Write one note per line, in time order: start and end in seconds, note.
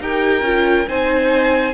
0.00 0.42 D#4
0.00 0.44 G4
0.00 0.88 A#4
0.00 0.89 G5
0.42 0.85 C#4
0.42 0.88 F4
0.88 1.74 C4
0.88 1.74 D#4
0.88 1.74 C5
0.88 1.74 G#5